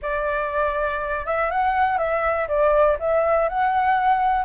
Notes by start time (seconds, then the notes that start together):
0.02 D5
1.26 E5
1.50 F#5
1.98 E5
2.47 D5
2.99 E5
3.48 F#5